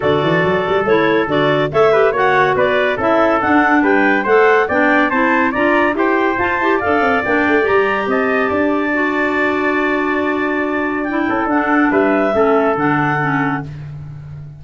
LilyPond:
<<
  \new Staff \with { instrumentName = "clarinet" } { \time 4/4 \tempo 4 = 141 d''2 cis''4 d''4 | e''4 fis''4 d''4 e''4 | fis''4 g''4 fis''4 g''4 | a''4 ais''4 g''4 a''4 |
f''4 g''4 ais''4 a''4~ | a''1~ | a''2 g''4 fis''4 | e''2 fis''2 | }
  \new Staff \with { instrumentName = "trumpet" } { \time 4/4 a'1 | cis''8 b'8 cis''4 b'4 a'4~ | a'4 b'4 c''4 d''4 | c''4 d''4 c''2 |
d''2. dis''4 | d''1~ | d''2~ d''8 a'4. | b'4 a'2. | }
  \new Staff \with { instrumentName = "clarinet" } { \time 4/4 fis'2 e'4 fis'4 | a'8 g'8 fis'2 e'4 | d'2 a'4 d'4 | e'4 f'4 g'4 f'8 g'8 |
a'4 d'4 g'2~ | g'4 fis'2.~ | fis'2 e'4 d'4~ | d'4 cis'4 d'4 cis'4 | }
  \new Staff \with { instrumentName = "tuba" } { \time 4/4 d8 e8 fis8 g8 a4 d4 | a4 ais4 b4 cis'4 | d'4 g4 a4 b4 | c'4 d'4 e'4 f'8 e'8 |
d'8 c'8 ais8 a8 g4 c'4 | d'1~ | d'2~ d'8 cis'8 d'4 | g4 a4 d2 | }
>>